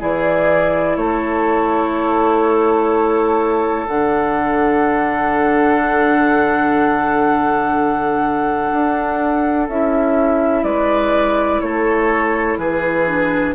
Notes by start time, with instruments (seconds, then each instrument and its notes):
0.00 bassoon E3, clarinet E4, oboe G#4, flute D5
0.97 bassoon A3, oboe A4, flute C#5
3.87 bassoon D3, clarinet D4, flute F#5
8.73 bassoon D4
9.69 bassoon C#4, clarinet E4, flute E5
10.64 bassoon G#3, oboe B4, flute D5
11.61 bassoon A3, oboe A4, flute C#5
12.58 bassoon E3, oboe G#4, flute B4
13.07 clarinet D4